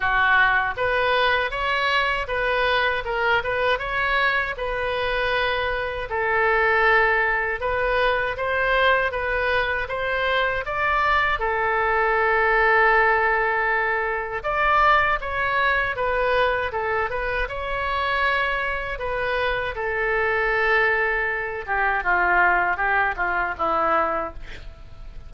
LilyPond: \new Staff \with { instrumentName = "oboe" } { \time 4/4 \tempo 4 = 79 fis'4 b'4 cis''4 b'4 | ais'8 b'8 cis''4 b'2 | a'2 b'4 c''4 | b'4 c''4 d''4 a'4~ |
a'2. d''4 | cis''4 b'4 a'8 b'8 cis''4~ | cis''4 b'4 a'2~ | a'8 g'8 f'4 g'8 f'8 e'4 | }